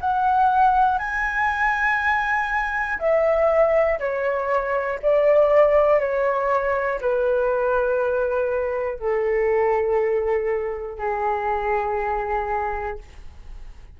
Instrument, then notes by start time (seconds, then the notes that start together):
flute
0.00 F#5
0.98 G#5
2.99 E5
3.99 C#5
5.02 D5
5.99 C#5
7.00 B4
8.99 A4
10.98 G#4